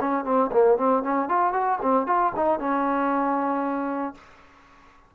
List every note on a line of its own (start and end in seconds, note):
0.00 0.25 C#4
0.25 0.51 C4
0.52 0.78 A#3
0.78 1.03 C4
1.03 1.29 C#4
1.29 1.53 F4
1.53 1.79 F#4
1.82 2.07 C4
2.07 2.33 F4
2.36 2.60 D#4
2.60 4.15 C#4